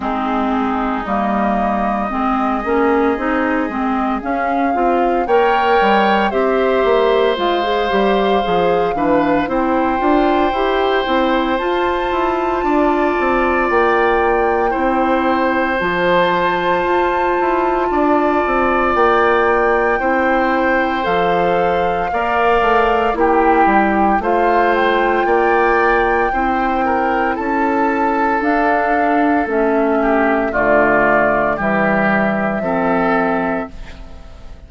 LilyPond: <<
  \new Staff \with { instrumentName = "flute" } { \time 4/4 \tempo 4 = 57 gis'4 dis''2. | f''4 g''4 e''4 f''4~ | f''4 g''2 a''4~ | a''4 g''2 a''4~ |
a''2 g''2 | f''2 g''4 f''8 g''8~ | g''2 a''4 f''4 | e''4 d''4 e''2 | }
  \new Staff \with { instrumentName = "oboe" } { \time 4/4 dis'2 gis'2~ | gis'4 cis''4 c''2~ | c''8 b'8 c''2. | d''2 c''2~ |
c''4 d''2 c''4~ | c''4 d''4 g'4 c''4 | d''4 c''8 ais'8 a'2~ | a'8 g'8 f'4 g'4 a'4 | }
  \new Staff \with { instrumentName = "clarinet" } { \time 4/4 c'4 ais4 c'8 cis'8 dis'8 c'8 | cis'8 f'8 ais'4 g'4 f'16 gis'16 g'8 | gis'8 d'8 e'8 f'8 g'8 e'8 f'4~ | f'2 e'4 f'4~ |
f'2. e'4 | a'4 ais'4 e'4 f'4~ | f'4 e'2 d'4 | cis'4 a4 g4 c'4 | }
  \new Staff \with { instrumentName = "bassoon" } { \time 4/4 gis4 g4 gis8 ais8 c'8 gis8 | cis'8 c'8 ais8 g8 c'8 ais8 gis8 g8 | f8 e8 c'8 d'8 e'8 c'8 f'8 e'8 | d'8 c'8 ais4 c'4 f4 |
f'8 e'8 d'8 c'8 ais4 c'4 | f4 ais8 a8 ais8 g8 a4 | ais4 c'4 cis'4 d'4 | a4 d4 e4 f4 | }
>>